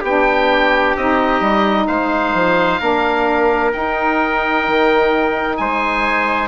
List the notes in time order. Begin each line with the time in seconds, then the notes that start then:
0.00 B3 G4 G5
0.06 D4
0.96 C4 D#4 D#5
1.40 G3
1.87 G#3 C5 F5
2.34 F3
2.79 A#3 D4 A#4
3.72 D#4 G5
4.67 D#3
5.57 G#3 C5 G#5